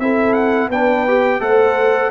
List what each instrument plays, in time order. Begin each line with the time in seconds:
0.00 tuba C4, trombone E4, horn A4, trumpet E5
0.34 trumpet F#5
0.70 tuba B3, trombone D4, horn B4, trumpet G5
1.08 trombone G4
1.40 tuba A3, trombone A4, horn C5, trumpet F#5